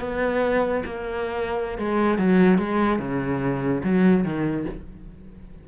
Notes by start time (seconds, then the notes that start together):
0.00 B3
0.85 A#3
1.78 G#3
2.18 F#3
2.58 G#3
2.99 C#3
3.83 F#3
4.24 D#3